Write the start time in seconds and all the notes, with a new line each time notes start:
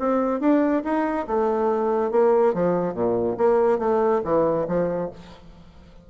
0.00 C4
0.41 D4
0.85 D#4
1.27 A3
2.11 A#3
2.54 F3
2.94 A#2
3.38 A#3
3.79 A3
4.24 E3
4.68 F3